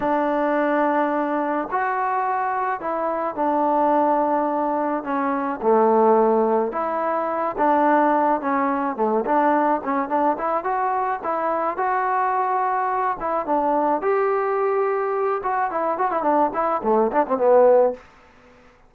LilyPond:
\new Staff \with { instrumentName = "trombone" } { \time 4/4 \tempo 4 = 107 d'2. fis'4~ | fis'4 e'4 d'2~ | d'4 cis'4 a2 | e'4. d'4. cis'4 |
a8 d'4 cis'8 d'8 e'8 fis'4 | e'4 fis'2~ fis'8 e'8 | d'4 g'2~ g'8 fis'8 | e'8 fis'16 e'16 d'8 e'8 a8 d'16 c'16 b4 | }